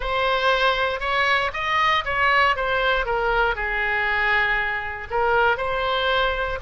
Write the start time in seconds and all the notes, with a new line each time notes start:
0.00 C5
1.00 C#5
1.53 D#5
2.05 C#5
2.55 C5
3.05 A#4
3.55 G#4
5.10 A#4
5.57 C5